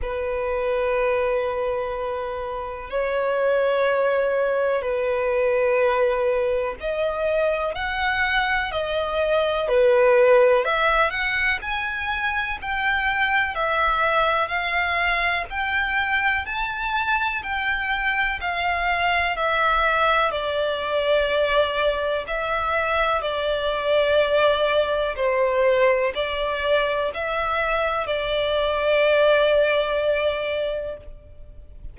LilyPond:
\new Staff \with { instrumentName = "violin" } { \time 4/4 \tempo 4 = 62 b'2. cis''4~ | cis''4 b'2 dis''4 | fis''4 dis''4 b'4 e''8 fis''8 | gis''4 g''4 e''4 f''4 |
g''4 a''4 g''4 f''4 | e''4 d''2 e''4 | d''2 c''4 d''4 | e''4 d''2. | }